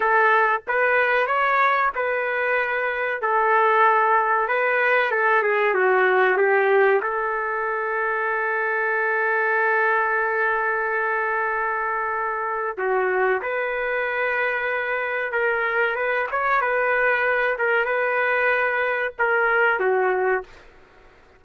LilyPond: \new Staff \with { instrumentName = "trumpet" } { \time 4/4 \tempo 4 = 94 a'4 b'4 cis''4 b'4~ | b'4 a'2 b'4 | a'8 gis'8 fis'4 g'4 a'4~ | a'1~ |
a'1 | fis'4 b'2. | ais'4 b'8 cis''8 b'4. ais'8 | b'2 ais'4 fis'4 | }